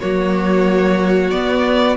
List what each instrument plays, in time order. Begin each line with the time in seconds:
0.00 cello F#3, viola A#3, violin F#4 C#5
1.31 viola B3, cello B3, violin D5